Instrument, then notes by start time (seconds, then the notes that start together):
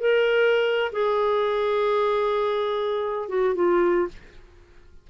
clarinet
0.00 A#4
0.92 G#4
3.29 F#4
3.55 F4